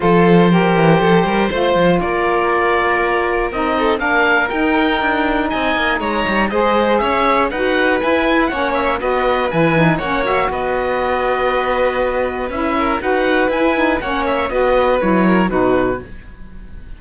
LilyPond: <<
  \new Staff \with { instrumentName = "oboe" } { \time 4/4 \tempo 4 = 120 c''1 | d''2. dis''4 | f''4 g''2 gis''4 | ais''4 dis''4 e''4 fis''4 |
gis''4 fis''8 e''8 dis''4 gis''4 | fis''8 e''8 dis''2.~ | dis''4 e''4 fis''4 gis''4 | fis''8 e''8 dis''4 cis''4 b'4 | }
  \new Staff \with { instrumentName = "violin" } { \time 4/4 a'4 ais'4 a'8 ais'8 c''4 | ais'2.~ ais'8 a'8 | ais'2. dis''4 | cis''4 c''4 cis''4 b'4~ |
b'4 cis''4 b'2 | cis''4 b'2.~ | b'4. ais'8 b'2 | cis''4 b'4. ais'8 fis'4 | }
  \new Staff \with { instrumentName = "saxophone" } { \time 4/4 f'4 g'2 f'4~ | f'2. dis'4 | d'4 dis'2.~ | dis'4 gis'2 fis'4 |
e'4 cis'4 fis'4 e'8 dis'8 | cis'8 fis'2.~ fis'8~ | fis'4 e'4 fis'4 e'8 dis'8 | cis'4 fis'4 e'4 dis'4 | }
  \new Staff \with { instrumentName = "cello" } { \time 4/4 f4. e8 f8 g8 a8 f8 | ais2. c'4 | ais4 dis'4 d'4 c'8 ais8 | gis8 g8 gis4 cis'4 dis'4 |
e'4 ais4 b4 e4 | ais4 b2.~ | b4 cis'4 dis'4 e'4 | ais4 b4 fis4 b,4 | }
>>